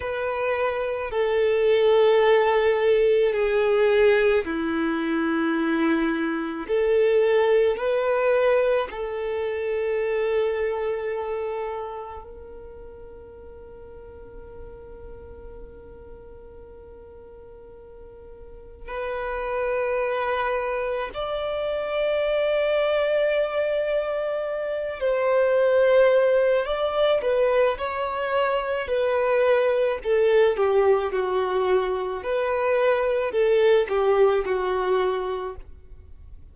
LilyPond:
\new Staff \with { instrumentName = "violin" } { \time 4/4 \tempo 4 = 54 b'4 a'2 gis'4 | e'2 a'4 b'4 | a'2. ais'4~ | ais'1~ |
ais'4 b'2 d''4~ | d''2~ d''8 c''4. | d''8 b'8 cis''4 b'4 a'8 g'8 | fis'4 b'4 a'8 g'8 fis'4 | }